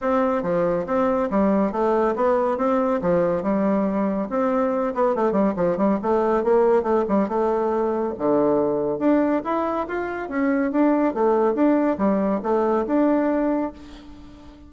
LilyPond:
\new Staff \with { instrumentName = "bassoon" } { \time 4/4 \tempo 4 = 140 c'4 f4 c'4 g4 | a4 b4 c'4 f4 | g2 c'4. b8 | a8 g8 f8 g8 a4 ais4 |
a8 g8 a2 d4~ | d4 d'4 e'4 f'4 | cis'4 d'4 a4 d'4 | g4 a4 d'2 | }